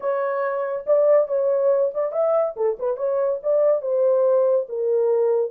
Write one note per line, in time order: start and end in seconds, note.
0.00 0.85 C#5
0.86 1.27 D5
1.27 1.91 C#5
1.93 2.11 D5
2.11 2.54 E5
2.56 2.77 A4
2.79 2.97 B4
2.97 3.39 C#5
3.43 3.81 D5
3.81 4.66 C5
4.68 5.50 A#4